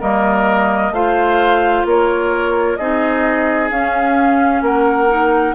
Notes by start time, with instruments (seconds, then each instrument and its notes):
0.00 bassoon G3, clarinet A#3, oboe A#4, flute D#5
0.90 bassoon A3, clarinet F4, oboe C5, flute F5
1.85 bassoon A#3, oboe A#4, flute C#5
2.76 bassoon C4, clarinet D#4, oboe G#4, flute D#5
3.70 bassoon C#4, clarinet C#4, flute F5
4.61 bassoon A#3, oboe A#4, flute F#5
5.08 clarinet D#4